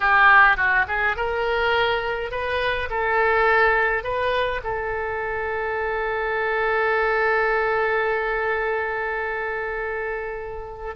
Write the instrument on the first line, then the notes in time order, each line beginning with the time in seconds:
oboe
0.00 G4
0.56 F#4
0.87 G#4
1.16 A#4
2.31 B4
2.90 A4
4.03 B4
4.63 A4